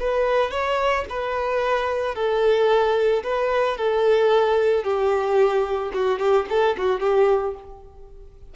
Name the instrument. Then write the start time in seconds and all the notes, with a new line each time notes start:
violin
0.00 B4
0.51 C#5
1.10 B4
2.15 A4
3.24 B4
3.78 A4
4.84 G4
5.94 F#4
6.19 G4
6.50 A4
6.78 F#4
7.01 G4